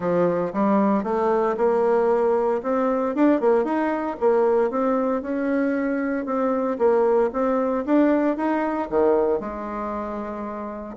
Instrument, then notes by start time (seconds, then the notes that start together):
bassoon
0.00 F3
0.53 G3
1.03 A3
1.57 A#3
2.63 C4
3.15 D4
3.40 A#3
3.64 D#4
4.20 A#3
4.70 C4
5.22 C#4
6.25 C4
6.78 A#3
7.32 C4
7.85 D4
8.36 D#4
8.90 D#3
9.40 G#3